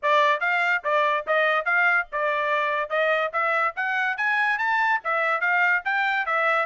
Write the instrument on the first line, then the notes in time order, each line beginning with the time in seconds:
trumpet
0.02 D5
0.40 F5
0.84 D5
1.26 D#5
1.65 F5
2.12 D5
2.89 D#5
3.32 E5
3.76 F#5
4.17 G#5
4.58 A5
5.04 E5
5.40 F5
5.84 G5
6.25 E5